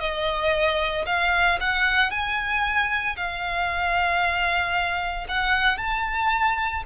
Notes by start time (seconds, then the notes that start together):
0.00 D#5
1.06 F5
1.61 F#5
2.11 G#5
3.17 F5
5.28 F#5
5.78 A5